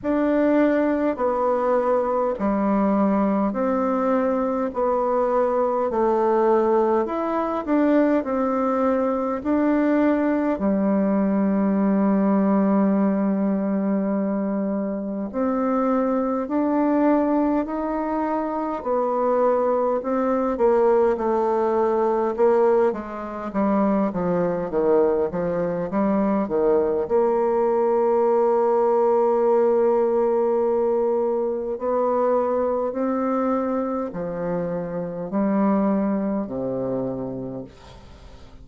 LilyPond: \new Staff \with { instrumentName = "bassoon" } { \time 4/4 \tempo 4 = 51 d'4 b4 g4 c'4 | b4 a4 e'8 d'8 c'4 | d'4 g2.~ | g4 c'4 d'4 dis'4 |
b4 c'8 ais8 a4 ais8 gis8 | g8 f8 dis8 f8 g8 dis8 ais4~ | ais2. b4 | c'4 f4 g4 c4 | }